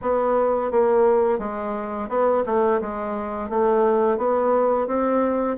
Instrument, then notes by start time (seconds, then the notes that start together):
bassoon
0.01 B3
0.71 A#3
1.39 G#3
2.08 B3
2.46 A3
2.81 G#3
3.49 A3
4.17 B3
4.87 C4